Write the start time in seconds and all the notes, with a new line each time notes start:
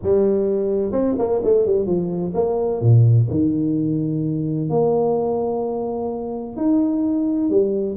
0.02 G3
0.92 C4
1.18 A#3
1.44 A3
1.65 G3
1.86 F3
2.34 A#3
2.81 A#2
3.30 D#3
4.69 A#3
6.56 D#4
7.49 G3